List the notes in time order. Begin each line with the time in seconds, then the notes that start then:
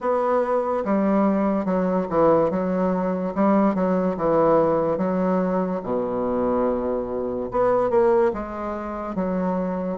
0.00 B3
0.84 G3
1.65 F#3
2.09 E3
2.50 F#3
3.34 G3
3.74 F#3
4.16 E3
4.97 F#3
5.83 B2
7.51 B3
7.89 A#3
8.33 G#3
9.15 F#3